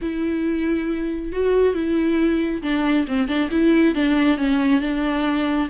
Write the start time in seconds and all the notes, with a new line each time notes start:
0.01 E4
1.32 F#4
1.74 E4
2.62 D4
3.07 C4
3.27 D4
3.50 E4
3.95 D4
4.37 C#4
4.81 D4